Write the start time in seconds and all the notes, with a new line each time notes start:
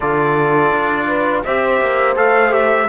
0.00 D3 F4 A4 D5
0.71 D4
1.07 B4
1.44 C4 G4 C5 E5
1.81 A#3
2.15 A3 A4 F5
2.49 G4 E5